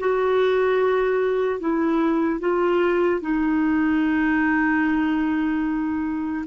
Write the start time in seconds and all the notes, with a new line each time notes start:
0.00 F#4
1.60 E4
2.40 F4
3.21 D#4